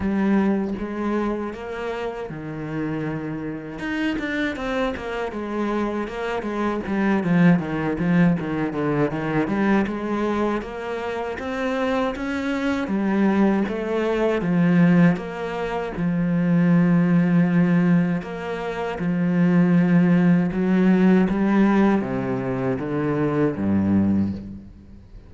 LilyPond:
\new Staff \with { instrumentName = "cello" } { \time 4/4 \tempo 4 = 79 g4 gis4 ais4 dis4~ | dis4 dis'8 d'8 c'8 ais8 gis4 | ais8 gis8 g8 f8 dis8 f8 dis8 d8 | dis8 g8 gis4 ais4 c'4 |
cis'4 g4 a4 f4 | ais4 f2. | ais4 f2 fis4 | g4 c4 d4 g,4 | }